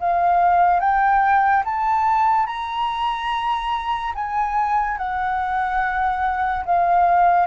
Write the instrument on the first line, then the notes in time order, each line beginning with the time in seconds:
flute
0.00 F5
0.80 G5
1.65 A5
2.47 A#5
4.15 G#5
4.98 F#5
6.65 F5